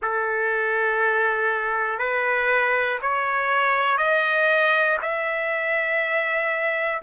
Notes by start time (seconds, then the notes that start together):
0.02 A4
1.99 B4
3.01 C#5
3.97 D#5
5.02 E5